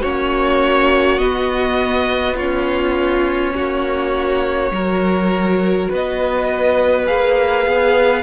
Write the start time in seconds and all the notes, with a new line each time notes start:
0.00 A#3 C#4 F#4 C#5
1.18 B3 D#5
2.35 C#4 F4 C#5
3.54 A#3 F#4
4.71 F#3 F#4 A#4
5.89 B3 B4 D#5
7.06 A#3 G#4 F5
7.67 B3